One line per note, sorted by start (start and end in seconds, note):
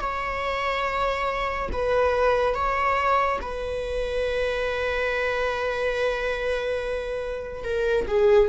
0.00 1.69 C#5
1.72 2.55 B4
2.55 3.39 C#5
3.41 7.64 B4
7.64 8.06 A#4
8.07 8.49 G#4